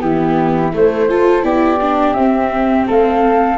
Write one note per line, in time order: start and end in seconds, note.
0.00 0.72 E3
0.00 0.71 B3
0.00 1.09 E4
0.00 0.72 G4
0.73 1.09 A3
0.73 1.43 A3
0.73 1.44 C5
1.09 1.42 F4
1.09 1.45 A4
1.42 2.14 B3
1.42 1.78 E4
1.42 2.87 G4
1.42 2.13 D5
1.81 2.16 D4
2.13 2.86 C4
2.13 3.58 C4
2.13 2.85 E5
2.87 3.58 A3
2.87 3.58 A4
2.87 3.58 F5